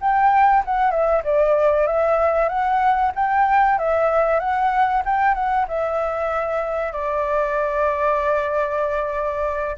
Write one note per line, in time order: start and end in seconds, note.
0.00 0.63 G5
0.65 0.90 F#5
0.90 1.22 E5
1.24 1.87 D5
1.87 2.48 E5
2.48 3.11 F#5
3.15 3.78 G5
3.78 4.39 E5
4.39 5.02 F#5
5.05 5.34 G5
5.34 5.66 F#5
5.68 6.92 E5
6.92 9.76 D5